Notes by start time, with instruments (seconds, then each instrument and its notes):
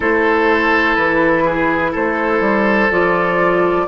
0.00 bassoon A3, clarinet E4, oboe A4, flute C5
0.95 bassoon E3, flute B4
1.44 oboe G#4
1.91 bassoon A3, oboe A4, flute C5
2.40 bassoon G3
2.91 bassoon F3, clarinet F4, flute D5